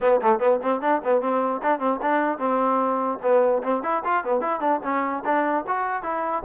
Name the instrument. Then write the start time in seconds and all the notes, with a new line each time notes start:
trombone
0.00 B3
0.21 A3
0.39 B3
0.62 C4
0.81 D4
1.03 B3
1.21 C4
1.63 D4
1.79 C4
2.02 D4
2.38 C4
3.22 B3
3.63 C4
3.82 E4
4.04 F4
4.24 B3
4.41 E4
4.60 D4
4.83 C#4
5.24 D4
5.67 F#4
6.03 E4